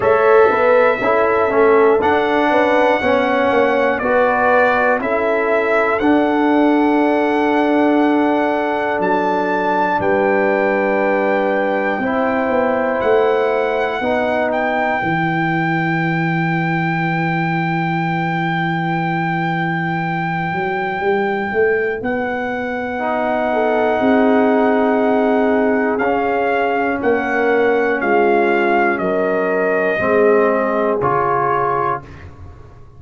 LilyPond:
<<
  \new Staff \with { instrumentName = "trumpet" } { \time 4/4 \tempo 4 = 60 e''2 fis''2 | d''4 e''4 fis''2~ | fis''4 a''4 g''2~ | g''4 fis''4. g''4.~ |
g''1~ | g''2 fis''2~ | fis''2 f''4 fis''4 | f''4 dis''2 cis''4 | }
  \new Staff \with { instrumentName = "horn" } { \time 4/4 cis''8 b'8 a'4. b'8 cis''4 | b'4 a'2.~ | a'2 b'2 | c''2 b'2~ |
b'1~ | b'2.~ b'8 a'8 | gis'2. ais'4 | f'4 ais'4 gis'2 | }
  \new Staff \with { instrumentName = "trombone" } { \time 4/4 a'4 e'8 cis'8 d'4 cis'4 | fis'4 e'4 d'2~ | d'1 | e'2 dis'4 e'4~ |
e'1~ | e'2. dis'4~ | dis'2 cis'2~ | cis'2 c'4 f'4 | }
  \new Staff \with { instrumentName = "tuba" } { \time 4/4 a8 b8 cis'8 a8 d'8 cis'8 b8 ais8 | b4 cis'4 d'2~ | d'4 fis4 g2 | c'8 b8 a4 b4 e4~ |
e1~ | e8 fis8 g8 a8 b2 | c'2 cis'4 ais4 | gis4 fis4 gis4 cis4 | }
>>